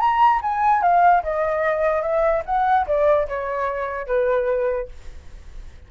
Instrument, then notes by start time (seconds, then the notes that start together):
flute
0.00 A#5
0.42 G#5
0.82 F5
1.24 D#5
2.03 E5
2.46 F#5
2.87 D5
3.28 C#5
4.07 B4